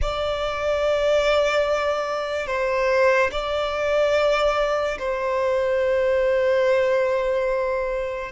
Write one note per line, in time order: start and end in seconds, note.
0.02 2.47 D5
2.47 3.30 C5
3.31 4.98 D5
4.98 8.32 C5